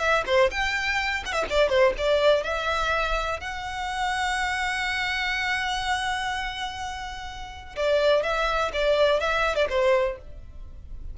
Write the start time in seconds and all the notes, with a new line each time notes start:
0.00 E5
0.27 C5
0.52 G5
1.26 F#5
1.33 E5
1.50 D5
1.70 C5
1.98 D5
2.44 E5
3.41 F#5
7.77 D5
8.23 E5
8.73 D5
9.21 E5
9.56 D5
9.70 C5